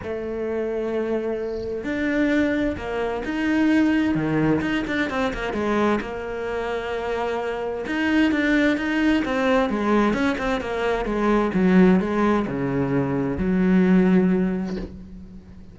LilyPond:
\new Staff \with { instrumentName = "cello" } { \time 4/4 \tempo 4 = 130 a1 | d'2 ais4 dis'4~ | dis'4 dis4 dis'8 d'8 c'8 ais8 | gis4 ais2.~ |
ais4 dis'4 d'4 dis'4 | c'4 gis4 cis'8 c'8 ais4 | gis4 fis4 gis4 cis4~ | cis4 fis2. | }